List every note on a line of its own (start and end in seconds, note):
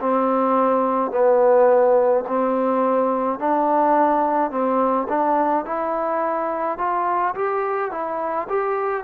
0.00 1.12 C4
1.12 2.25 B3
2.28 3.39 C4
3.39 4.51 D4
4.51 5.07 C4
5.09 5.65 D4
5.65 6.78 E4
6.78 7.35 F4
7.35 7.91 G4
7.91 8.48 E4
8.49 9.04 G4